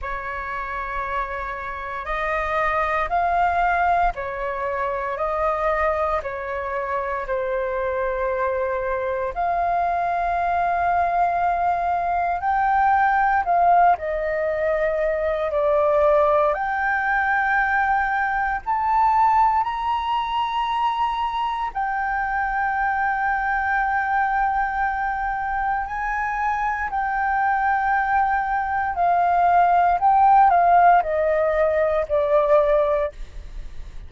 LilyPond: \new Staff \with { instrumentName = "flute" } { \time 4/4 \tempo 4 = 58 cis''2 dis''4 f''4 | cis''4 dis''4 cis''4 c''4~ | c''4 f''2. | g''4 f''8 dis''4. d''4 |
g''2 a''4 ais''4~ | ais''4 g''2.~ | g''4 gis''4 g''2 | f''4 g''8 f''8 dis''4 d''4 | }